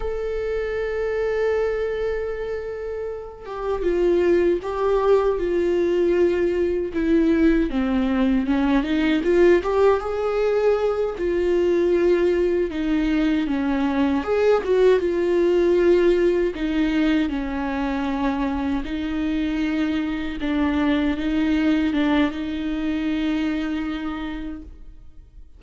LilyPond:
\new Staff \with { instrumentName = "viola" } { \time 4/4 \tempo 4 = 78 a'1~ | a'8 g'8 f'4 g'4 f'4~ | f'4 e'4 c'4 cis'8 dis'8 | f'8 g'8 gis'4. f'4.~ |
f'8 dis'4 cis'4 gis'8 fis'8 f'8~ | f'4. dis'4 cis'4.~ | cis'8 dis'2 d'4 dis'8~ | dis'8 d'8 dis'2. | }